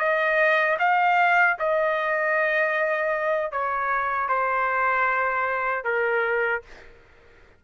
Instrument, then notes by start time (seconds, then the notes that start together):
trumpet
0.00 D#5
0.80 F5
1.60 D#5
3.52 C#5
4.29 C5
5.85 A#4